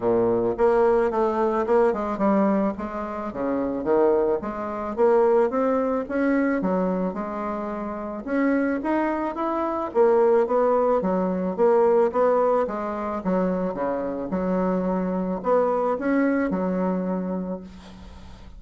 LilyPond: \new Staff \with { instrumentName = "bassoon" } { \time 4/4 \tempo 4 = 109 ais,4 ais4 a4 ais8 gis8 | g4 gis4 cis4 dis4 | gis4 ais4 c'4 cis'4 | fis4 gis2 cis'4 |
dis'4 e'4 ais4 b4 | fis4 ais4 b4 gis4 | fis4 cis4 fis2 | b4 cis'4 fis2 | }